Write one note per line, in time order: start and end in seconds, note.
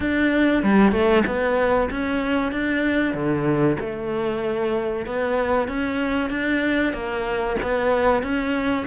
0.00 0.63 D4
0.63 0.92 G3
0.92 1.23 A3
1.26 1.89 B3
1.90 2.51 C#4
2.51 3.13 D4
3.13 3.77 D3
3.80 5.06 A3
5.06 5.68 B3
5.68 6.30 C#4
6.30 6.93 D4
6.93 7.56 A#3
7.62 8.22 B3
8.22 8.86 C#4